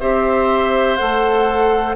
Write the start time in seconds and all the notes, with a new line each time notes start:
0.00 C4 G4 C5 E5
0.97 A3 A4 F#5